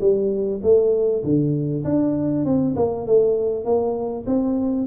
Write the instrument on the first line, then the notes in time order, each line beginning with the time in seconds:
tuba
0.00 G3
0.63 A3
1.23 D3
1.84 D4
2.45 C4
2.76 A#3
3.06 A3
3.64 A#3
4.26 C4